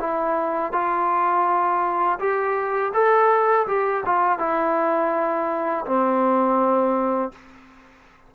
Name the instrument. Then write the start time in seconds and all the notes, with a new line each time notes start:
trombone
0.00 E4
0.73 F4
2.20 G4
2.94 A4
3.68 G4
4.06 F4
4.39 E4
5.86 C4